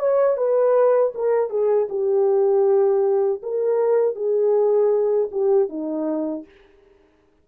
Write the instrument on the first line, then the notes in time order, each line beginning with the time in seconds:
horn
0.00 C#5
0.37 B4
1.15 A#4
1.50 G#4
1.90 G4
3.43 A#4
4.16 G#4
5.32 G4
5.70 D#4